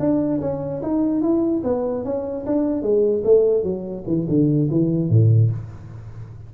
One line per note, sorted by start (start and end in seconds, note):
0.00 0.41 D4
0.41 0.82 C#4
0.83 1.22 D#4
1.22 1.63 E4
1.64 2.05 B3
2.05 2.46 C#4
2.47 2.83 D4
2.83 3.23 G#3
3.24 3.64 A3
3.64 4.05 F#3
4.07 4.27 E3
4.29 4.70 D3
4.71 5.10 E3
5.10 5.51 A2